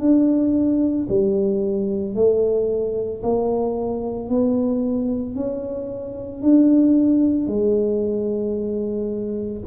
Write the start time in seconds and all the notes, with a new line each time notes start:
0.00 D4
1.09 G3
2.15 A3
3.23 A#3
4.29 B3
5.35 C#4
6.42 D4
7.47 G#3